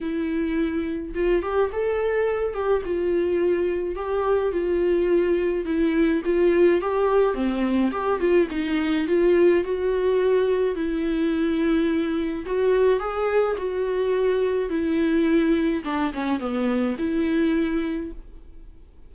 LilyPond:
\new Staff \with { instrumentName = "viola" } { \time 4/4 \tempo 4 = 106 e'2 f'8 g'8 a'4~ | a'8 g'8 f'2 g'4 | f'2 e'4 f'4 | g'4 c'4 g'8 f'8 dis'4 |
f'4 fis'2 e'4~ | e'2 fis'4 gis'4 | fis'2 e'2 | d'8 cis'8 b4 e'2 | }